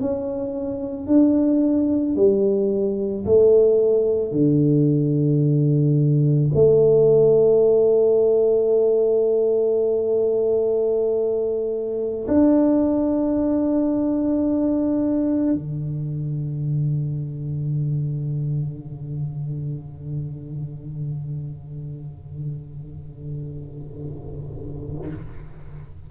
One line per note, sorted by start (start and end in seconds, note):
0.00 1.07 C#4
1.07 2.16 D4
2.16 3.25 G3
3.25 4.32 A3
4.32 6.50 D3
6.54 12.27 A3
12.28 15.53 D4
15.53 25.08 D3